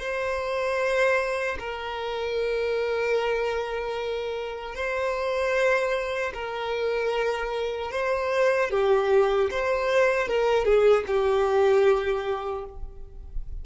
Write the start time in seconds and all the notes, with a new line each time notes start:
0.00 C5
1.60 A#4
4.75 C5
6.34 A#4
7.92 C5
8.71 G4
9.51 C5
10.28 A#4
10.65 G#4
11.07 G4